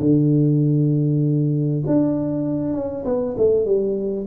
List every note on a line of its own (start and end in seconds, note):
0.00 1.84 D3
1.87 2.74 D4
2.74 3.04 C#4
3.05 3.36 B3
3.38 3.66 A3
3.66 4.27 G3